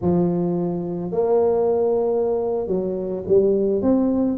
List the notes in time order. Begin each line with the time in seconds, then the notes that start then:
0.01 F3
1.11 A#3
2.67 F#3
3.27 G3
3.82 C4